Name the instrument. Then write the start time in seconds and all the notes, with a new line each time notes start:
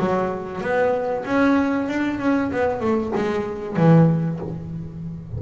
double bass
0.00 F#3
0.62 B3
1.26 C#4
1.89 D4
2.20 C#4
2.52 B3
2.81 A3
3.16 G#3
3.77 E3